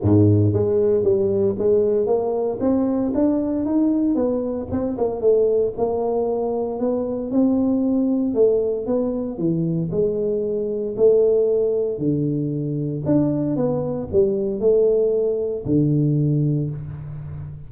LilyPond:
\new Staff \with { instrumentName = "tuba" } { \time 4/4 \tempo 4 = 115 gis,4 gis4 g4 gis4 | ais4 c'4 d'4 dis'4 | b4 c'8 ais8 a4 ais4~ | ais4 b4 c'2 |
a4 b4 e4 gis4~ | gis4 a2 d4~ | d4 d'4 b4 g4 | a2 d2 | }